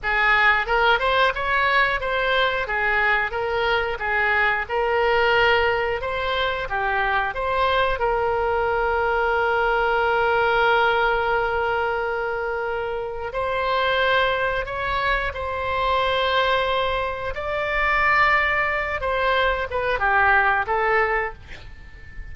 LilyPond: \new Staff \with { instrumentName = "oboe" } { \time 4/4 \tempo 4 = 90 gis'4 ais'8 c''8 cis''4 c''4 | gis'4 ais'4 gis'4 ais'4~ | ais'4 c''4 g'4 c''4 | ais'1~ |
ais'1 | c''2 cis''4 c''4~ | c''2 d''2~ | d''8 c''4 b'8 g'4 a'4 | }